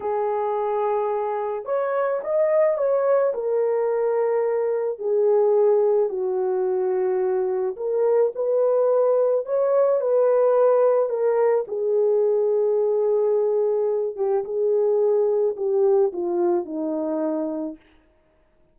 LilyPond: \new Staff \with { instrumentName = "horn" } { \time 4/4 \tempo 4 = 108 gis'2. cis''4 | dis''4 cis''4 ais'2~ | ais'4 gis'2 fis'4~ | fis'2 ais'4 b'4~ |
b'4 cis''4 b'2 | ais'4 gis'2.~ | gis'4. g'8 gis'2 | g'4 f'4 dis'2 | }